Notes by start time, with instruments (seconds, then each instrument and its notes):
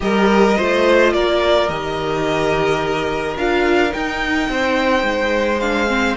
0.00 cello G3, viola G4, violin A#4 D#5
0.56 cello A3, viola F4, violin C5
1.13 cello A#3, violin A#4 D5
1.68 cello D#3, viola G4, violin D#5
3.36 cello D4, viola F4, violin F5
3.89 viola D#4, cello D#4, violin G5
4.49 cello C4, violin C5
5.02 cello G#3
5.60 viola D4, violin F5
5.87 viola C4